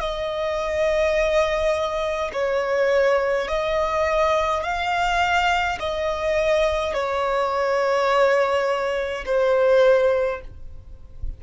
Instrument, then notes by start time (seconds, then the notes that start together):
violin
0.00 D#5
2.33 C#5
3.49 D#5
4.64 F5
5.80 D#5
6.94 C#5
9.26 C5